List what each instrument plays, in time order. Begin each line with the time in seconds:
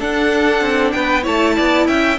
0.00 cello D4, viola D4, violin A4 F#5
0.61 cello C4
0.92 cello B3, violin B4 G5
1.23 cello A3, viola E4, violin C#5 A5
1.57 cello B3, violin D5
1.87 cello C#4, violin E5 G5